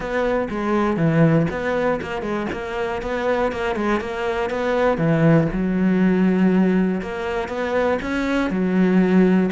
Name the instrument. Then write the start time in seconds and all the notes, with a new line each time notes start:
cello
0.00 B3
0.50 G#3
0.96 E3
1.50 B3
2.01 A#3
2.21 G#3
2.52 A#3
3.02 B3
3.51 A#3
3.75 G#3
4.00 A#3
4.50 B3
4.97 E3
5.52 F#3
7.01 A#3
7.48 B3
8.02 C#4
8.50 F#3